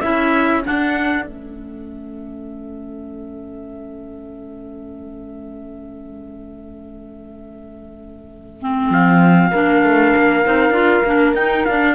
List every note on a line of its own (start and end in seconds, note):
0.00 0.64 C#4
0.00 0.63 E4
0.00 9.51 A4
0.00 0.61 E5
0.64 1.25 D4
0.64 1.26 D4
0.64 1.25 F#5
1.25 8.90 A3
1.25 8.59 C#4
1.25 8.90 E5
8.61 9.52 C4
8.90 9.51 F3
8.90 11.35 F5
9.51 9.83 A#3
9.51 10.44 D4
9.51 11.95 A#4
9.83 10.14 A3
10.15 10.46 A#3
10.44 10.70 C4
10.44 10.73 D#4
10.70 11.00 D4
10.70 11.03 F4
11.04 11.33 A#3
11.04 11.36 D4
11.33 11.64 D#4
11.33 11.67 D#4
11.33 11.65 G5
11.65 11.95 D4
11.65 11.95 F5